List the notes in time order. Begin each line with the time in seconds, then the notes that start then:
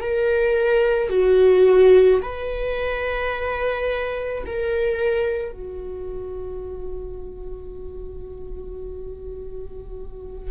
0.00 A#4
1.10 F#4
2.22 B4
4.46 A#4
5.53 F#4